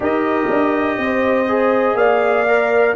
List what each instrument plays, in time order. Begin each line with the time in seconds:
0.00 tuba D#4, trombone G4, horn A#4, trumpet D#5
0.49 tuba D4
0.97 tuba C4, horn C5
1.48 trombone G#4
1.94 tuba A#3, horn D5, trumpet F5
2.47 trombone A#4